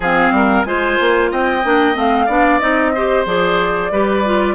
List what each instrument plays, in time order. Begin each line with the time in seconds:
0.00 bassoon F3, clarinet C4, oboe G#4, flute F5
0.31 bassoon G3, oboe A#4
0.63 bassoon G#3, clarinet F4, oboe C5, flute G#5
1.00 bassoon A#3
1.31 bassoon C4, oboe D#5, flute G5
1.63 bassoon A#3, clarinet D4
1.94 bassoon A3, clarinet C4, flute F5
2.25 bassoon B3, clarinet D4, oboe D5
2.59 bassoon C4, clarinet D#4, flute D#5
2.95 clarinet G4, oboe C5
3.25 bassoon F3, clarinet G#4, flute D5
3.91 bassoon G3, clarinet G4, oboe B4
4.24 clarinet F4